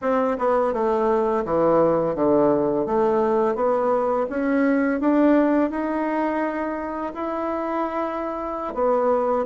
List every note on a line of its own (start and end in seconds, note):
0.01 0.37 C4
0.38 0.73 B3
0.73 1.44 A3
1.44 2.15 E3
2.15 2.86 D3
2.86 3.55 A3
3.55 4.26 B3
4.29 5.00 C#4
5.00 5.70 D4
5.70 7.13 D#4
7.14 8.74 E4
8.74 9.45 B3